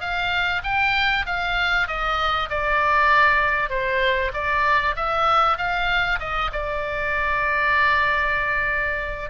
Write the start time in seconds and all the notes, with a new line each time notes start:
0.00 F5
0.64 G5
1.26 F5
1.87 D#5
2.49 D5
3.69 C5
4.33 D5
4.96 E5
5.57 F5
6.19 D#5
6.52 D5